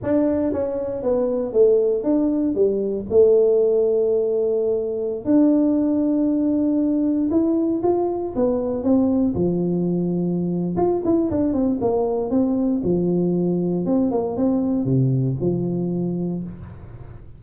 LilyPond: \new Staff \with { instrumentName = "tuba" } { \time 4/4 \tempo 4 = 117 d'4 cis'4 b4 a4 | d'4 g4 a2~ | a2~ a16 d'4.~ d'16~ | d'2~ d'16 e'4 f'8.~ |
f'16 b4 c'4 f4.~ f16~ | f4 f'8 e'8 d'8 c'8 ais4 | c'4 f2 c'8 ais8 | c'4 c4 f2 | }